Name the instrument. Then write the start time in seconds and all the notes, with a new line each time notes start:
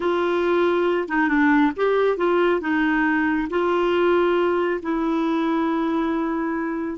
clarinet
0.00 F4
1.08 D#4
1.28 D4
1.76 G4
2.17 F4
2.60 D#4
3.50 F4
4.82 E4